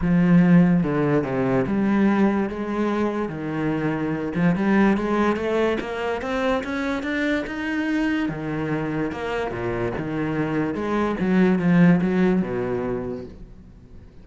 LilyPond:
\new Staff \with { instrumentName = "cello" } { \time 4/4 \tempo 4 = 145 f2 d4 c4 | g2 gis2 | dis2~ dis8 f8 g4 | gis4 a4 ais4 c'4 |
cis'4 d'4 dis'2 | dis2 ais4 ais,4 | dis2 gis4 fis4 | f4 fis4 b,2 | }